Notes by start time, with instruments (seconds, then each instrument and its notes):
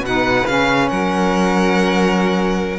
0.00 cello B2, saxophone D#4, violin B4 F#5
0.47 cello C#3, saxophone C#4, violin F5
0.89 cello F#3, violin A#4 F#5